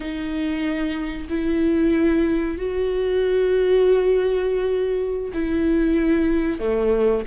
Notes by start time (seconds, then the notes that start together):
0.00 D#4
1.29 E4
2.57 F#4
5.33 E4
6.59 A3